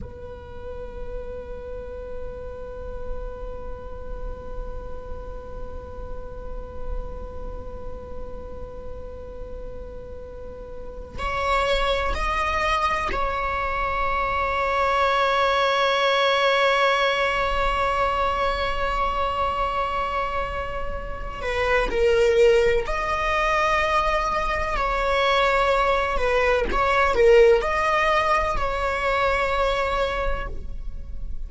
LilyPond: \new Staff \with { instrumentName = "viola" } { \time 4/4 \tempo 4 = 63 b'1~ | b'1~ | b'2.~ b'8. cis''16~ | cis''8. dis''4 cis''2~ cis''16~ |
cis''1~ | cis''2~ cis''8 b'8 ais'4 | dis''2 cis''4. b'8 | cis''8 ais'8 dis''4 cis''2 | }